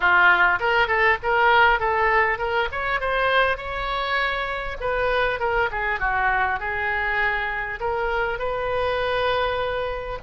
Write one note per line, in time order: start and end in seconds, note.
0.00 0.59 F4
0.59 0.87 A#4
0.87 1.17 A4
1.22 1.79 A#4
1.79 2.38 A4
2.38 2.68 A#4
2.71 3.00 C#5
3.00 3.57 C5
3.57 4.77 C#5
4.80 5.39 B4
5.39 5.69 A#4
5.71 5.99 G#4
5.99 6.59 F#4
6.59 7.79 G#4
7.80 8.38 A#4
8.38 10.18 B4